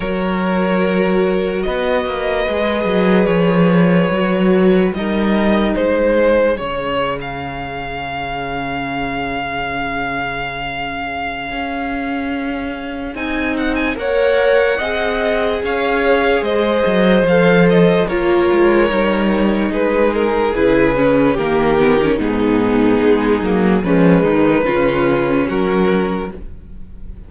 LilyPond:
<<
  \new Staff \with { instrumentName = "violin" } { \time 4/4 \tempo 4 = 73 cis''2 dis''2 | cis''2 dis''4 c''4 | cis''8. f''2.~ f''16~ | f''1 |
gis''8 fis''16 gis''16 fis''2 f''4 | dis''4 f''8 dis''8 cis''2 | b'8 ais'8 b'4 ais'4 gis'4~ | gis'4 b'2 ais'4 | }
  \new Staff \with { instrumentName = "violin" } { \time 4/4 ais'2 b'2~ | b'2 ais'4 gis'4~ | gis'1~ | gis'1~ |
gis'4 cis''4 dis''4 cis''4 | c''2 ais'2 | gis'2 g'4 dis'4~ | dis'4 cis'8 dis'8 f'4 fis'4 | }
  \new Staff \with { instrumentName = "viola" } { \time 4/4 fis'2. gis'4~ | gis'4 fis'4 dis'2 | cis'1~ | cis'1 |
dis'4 ais'4 gis'2~ | gis'4 a'4 f'4 dis'4~ | dis'4 e'8 cis'8 ais8 b16 cis'16 b4~ | b8 ais8 gis4 cis'2 | }
  \new Staff \with { instrumentName = "cello" } { \time 4/4 fis2 b8 ais8 gis8 fis8 | f4 fis4 g4 gis4 | cis1~ | cis2 cis'2 |
c'4 ais4 c'4 cis'4 | gis8 fis8 f4 ais8 gis8 g4 | gis4 cis4 dis4 gis,4 | gis8 fis8 f8 dis8 cis4 fis4 | }
>>